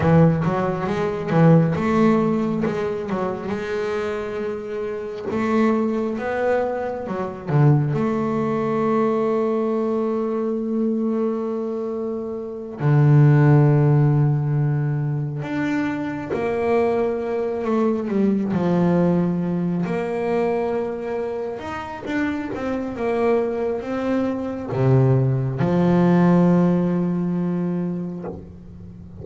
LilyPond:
\new Staff \with { instrumentName = "double bass" } { \time 4/4 \tempo 4 = 68 e8 fis8 gis8 e8 a4 gis8 fis8 | gis2 a4 b4 | fis8 d8 a2.~ | a2~ a8 d4.~ |
d4. d'4 ais4. | a8 g8 f4. ais4.~ | ais8 dis'8 d'8 c'8 ais4 c'4 | c4 f2. | }